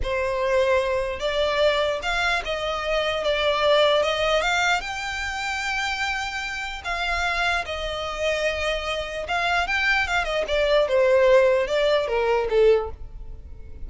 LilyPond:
\new Staff \with { instrumentName = "violin" } { \time 4/4 \tempo 4 = 149 c''2. d''4~ | d''4 f''4 dis''2 | d''2 dis''4 f''4 | g''1~ |
g''4 f''2 dis''4~ | dis''2. f''4 | g''4 f''8 dis''8 d''4 c''4~ | c''4 d''4 ais'4 a'4 | }